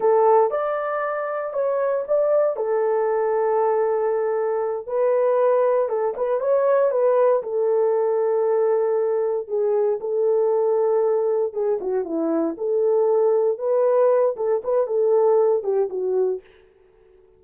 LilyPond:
\new Staff \with { instrumentName = "horn" } { \time 4/4 \tempo 4 = 117 a'4 d''2 cis''4 | d''4 a'2.~ | a'4. b'2 a'8 | b'8 cis''4 b'4 a'4.~ |
a'2~ a'8 gis'4 a'8~ | a'2~ a'8 gis'8 fis'8 e'8~ | e'8 a'2 b'4. | a'8 b'8 a'4. g'8 fis'4 | }